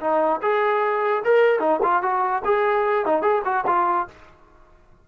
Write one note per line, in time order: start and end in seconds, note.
0.00 0.41 D#4
0.42 1.23 G#4
1.24 1.59 A#4
1.59 1.80 D#4
1.83 2.02 F4
2.02 2.43 F#4
2.45 3.05 G#4
3.05 3.22 D#4
3.22 3.42 G#4
3.44 3.65 F#4
3.67 4.07 F4